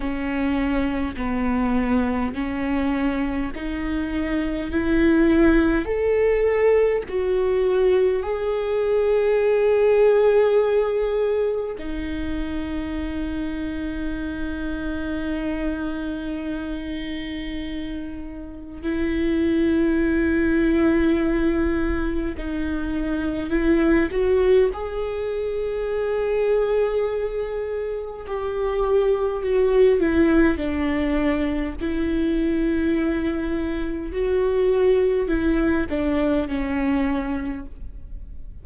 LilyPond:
\new Staff \with { instrumentName = "viola" } { \time 4/4 \tempo 4 = 51 cis'4 b4 cis'4 dis'4 | e'4 a'4 fis'4 gis'4~ | gis'2 dis'2~ | dis'1 |
e'2. dis'4 | e'8 fis'8 gis'2. | g'4 fis'8 e'8 d'4 e'4~ | e'4 fis'4 e'8 d'8 cis'4 | }